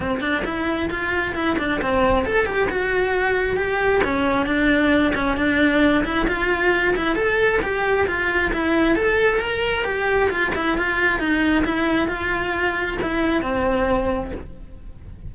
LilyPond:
\new Staff \with { instrumentName = "cello" } { \time 4/4 \tempo 4 = 134 c'8 d'8 e'4 f'4 e'8 d'8 | c'4 a'8 g'8 fis'2 | g'4 cis'4 d'4. cis'8 | d'4. e'8 f'4. e'8 |
a'4 g'4 f'4 e'4 | a'4 ais'4 g'4 f'8 e'8 | f'4 dis'4 e'4 f'4~ | f'4 e'4 c'2 | }